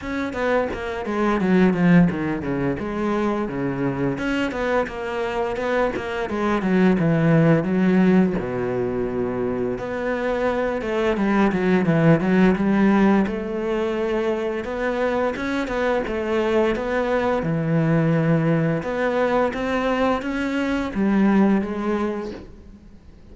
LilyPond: \new Staff \with { instrumentName = "cello" } { \time 4/4 \tempo 4 = 86 cis'8 b8 ais8 gis8 fis8 f8 dis8 cis8 | gis4 cis4 cis'8 b8 ais4 | b8 ais8 gis8 fis8 e4 fis4 | b,2 b4. a8 |
g8 fis8 e8 fis8 g4 a4~ | a4 b4 cis'8 b8 a4 | b4 e2 b4 | c'4 cis'4 g4 gis4 | }